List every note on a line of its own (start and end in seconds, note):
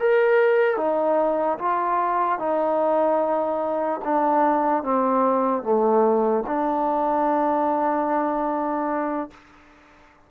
0.00 0.77 A#4
0.77 1.58 D#4
1.59 2.39 F4
2.39 4.01 D#4
4.05 4.84 D4
4.84 5.63 C4
5.63 6.44 A3
6.47 9.31 D4